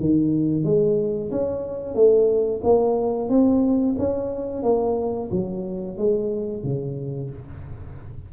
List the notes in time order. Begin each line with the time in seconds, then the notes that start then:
0.00 D#3
0.64 G#3
1.31 C#4
1.95 A3
2.64 A#3
3.29 C4
3.98 C#4
4.63 A#3
5.31 F#3
5.98 G#3
6.64 C#3